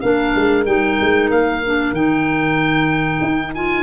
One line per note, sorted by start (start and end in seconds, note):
0.00 0.34 A#3
0.00 0.66 D4
0.00 3.83 A#4
0.00 0.64 F5
0.35 0.66 G#3
0.66 0.98 G3
0.66 1.61 D#4
0.66 1.30 G5
1.01 1.30 G#3
1.30 1.91 A#3
1.30 1.94 F5
1.65 1.95 D4
1.91 3.19 D#3
1.91 3.54 D#4
1.91 3.54 G5
3.21 3.83 D#4
3.54 3.83 F4
3.54 3.83 G#5